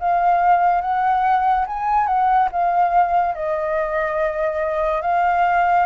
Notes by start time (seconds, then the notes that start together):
0.00 F5
0.81 F#5
1.67 G#5
2.07 F#5
2.52 F5
3.35 D#5
5.02 F5